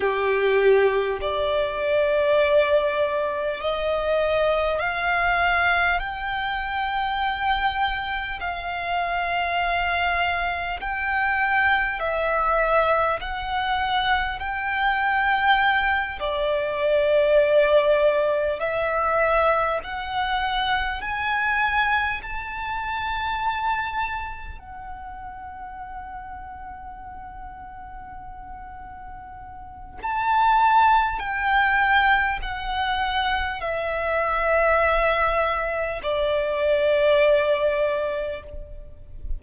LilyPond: \new Staff \with { instrumentName = "violin" } { \time 4/4 \tempo 4 = 50 g'4 d''2 dis''4 | f''4 g''2 f''4~ | f''4 g''4 e''4 fis''4 | g''4. d''2 e''8~ |
e''8 fis''4 gis''4 a''4.~ | a''8 fis''2.~ fis''8~ | fis''4 a''4 g''4 fis''4 | e''2 d''2 | }